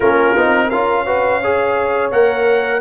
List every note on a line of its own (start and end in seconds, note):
0.00 0.35 A#3
0.00 0.36 C#4
0.00 0.67 F4
0.00 0.69 A#4
0.36 0.71 C4
0.36 0.72 D#4
0.67 2.11 C#4
0.67 1.06 F4
0.67 1.02 A#4
0.67 2.11 F5
1.05 1.41 F#4
1.05 1.40 B4
1.40 2.12 G#4
1.40 2.81 C#5
2.11 2.81 A#3
2.11 2.81 A#4
2.11 2.81 F#5